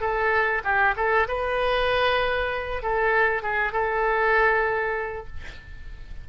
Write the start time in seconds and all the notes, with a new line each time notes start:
0.00 A4
0.64 G4
0.96 A4
1.28 B4
2.82 A4
3.42 G#4
3.72 A4